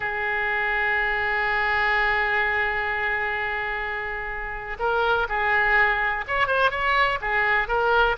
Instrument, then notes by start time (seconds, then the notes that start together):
oboe
0.00 G#4
4.79 A#4
5.28 G#4
6.27 C#5
6.47 C5
6.70 C#5
7.21 G#4
7.68 A#4